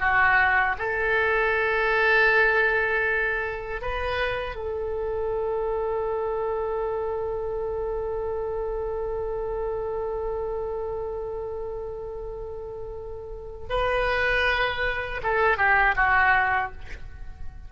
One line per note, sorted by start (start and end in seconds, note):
0.00 0.76 F#4
0.78 3.82 A4
3.82 4.56 B4
4.56 13.67 A4
13.70 15.21 B4
15.23 15.57 A4
15.57 15.95 G4
15.96 16.72 F#4